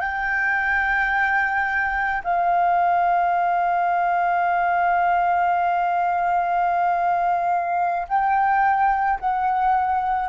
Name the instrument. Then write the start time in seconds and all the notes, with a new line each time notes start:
flute
0.00 G5
2.24 F5
8.08 G5
9.20 F#5